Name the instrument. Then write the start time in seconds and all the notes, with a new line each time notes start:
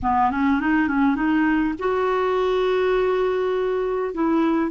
clarinet
0.02 B3
0.30 C#4
0.60 D#4
0.87 C#4
1.15 D#4
1.78 F#4
4.14 E4